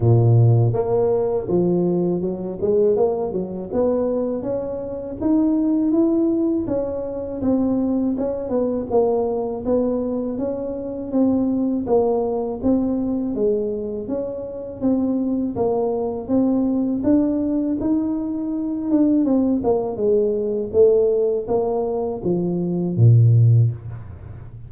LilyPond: \new Staff \with { instrumentName = "tuba" } { \time 4/4 \tempo 4 = 81 ais,4 ais4 f4 fis8 gis8 | ais8 fis8 b4 cis'4 dis'4 | e'4 cis'4 c'4 cis'8 b8 | ais4 b4 cis'4 c'4 |
ais4 c'4 gis4 cis'4 | c'4 ais4 c'4 d'4 | dis'4. d'8 c'8 ais8 gis4 | a4 ais4 f4 ais,4 | }